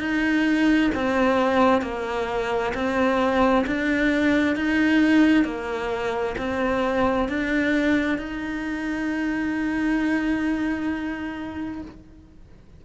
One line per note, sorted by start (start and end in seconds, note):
0.00 0.91 D#4
0.95 1.82 C4
1.82 2.73 A#3
2.74 3.65 C4
3.67 4.56 D4
4.56 5.45 D#4
5.45 6.36 A#3
6.38 7.29 C4
7.29 8.18 D4
8.18 11.82 D#4